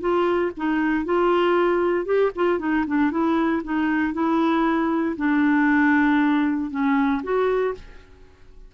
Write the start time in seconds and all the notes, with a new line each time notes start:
0.00 F4
0.57 D#4
1.05 F4
2.05 G4
2.35 F4
2.59 D#4
2.87 D4
3.11 E4
3.63 D#4
4.13 E4
5.17 D4
6.71 C#4
7.23 F#4